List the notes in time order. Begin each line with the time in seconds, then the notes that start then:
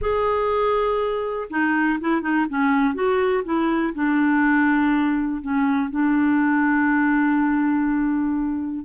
0.01 G#4
1.50 D#4
2.00 E4
2.21 D#4
2.49 C#4
2.94 F#4
3.44 E4
3.94 D4
5.41 C#4
5.90 D4